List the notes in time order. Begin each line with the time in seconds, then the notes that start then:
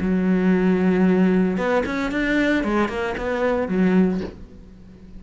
0.00 F#3
1.57 B3
1.86 C#4
2.11 D4
2.64 G#3
2.89 A#3
3.17 B3
3.68 F#3